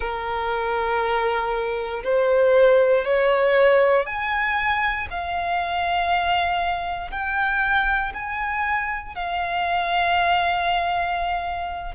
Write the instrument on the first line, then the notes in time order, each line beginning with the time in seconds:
violin
0.00 A#4
2.03 C5
3.04 C#5
4.06 G#5
5.10 F5
7.10 G5
8.14 G#5
9.15 F5